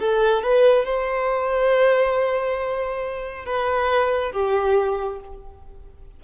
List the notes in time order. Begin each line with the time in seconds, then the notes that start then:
0.00 A4
0.43 B4
0.85 C5
3.45 B4
4.32 G4